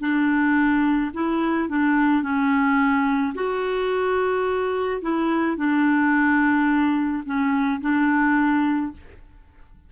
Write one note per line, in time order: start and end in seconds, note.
0.00 1.11 D4
1.13 1.69 E4
1.69 2.22 D4
2.22 3.33 C#4
3.34 5.01 F#4
5.02 5.57 E4
5.57 7.23 D4
7.25 7.81 C#4
7.81 8.92 D4